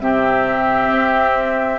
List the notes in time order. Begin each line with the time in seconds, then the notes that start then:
0.00 C3 C4 G4 E5
0.90 C4